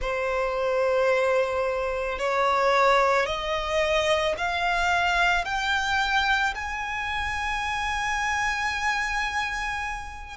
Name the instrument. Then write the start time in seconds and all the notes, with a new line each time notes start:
violin
0.01 C5
2.18 C#5
3.26 D#5
4.37 F5
5.44 G5
6.55 G#5